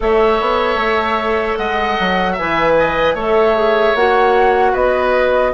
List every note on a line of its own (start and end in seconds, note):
0.00 0.40 A3
0.00 2.37 A4
0.00 1.58 C#5
0.00 1.56 E5
0.40 0.75 B3
0.75 1.54 A3
1.56 1.97 G#3
1.56 2.32 D#5
1.56 2.35 F#5
1.99 2.39 F#3
2.32 2.71 E5
2.32 3.16 G#5
2.38 3.14 E3
2.38 3.17 B4
2.79 3.14 D#5
3.14 3.93 A3
3.14 3.56 A4
3.14 4.72 C#5
3.21 3.96 E5
3.56 3.95 G#4
3.94 4.73 A#3
3.94 5.54 F#4
3.94 4.75 F#5
4.72 5.53 B3
4.72 5.50 B4
4.72 5.54 D#5